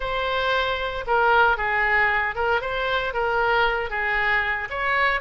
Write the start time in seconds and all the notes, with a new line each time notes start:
0.00 C5
1.06 A#4
1.57 G#4
2.35 A#4
2.61 C5
3.13 A#4
3.90 G#4
4.70 C#5